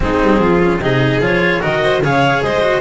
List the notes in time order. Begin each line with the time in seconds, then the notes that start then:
0.00 G#3 C4 D#4 G#4
0.21 G3
0.38 F3 F4
0.60 C#4
0.79 C3 D#4 G#4 D#5
1.20 F3 F4 C#5
1.60 D#3 F#4 A#4 D#5
1.82 C5
2.01 C#3 G#4 C#5 F5
2.42 G#3 C5 D#5
2.61 F#4